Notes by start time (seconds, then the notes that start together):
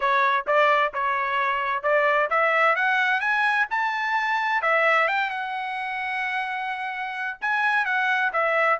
0.00 C#5
0.46 D5
0.93 C#5
1.82 D5
2.30 E5
2.75 F#5
3.20 G#5
3.70 A5
4.62 E5
5.07 G5
5.30 F#5
7.41 G#5
7.85 F#5
8.32 E5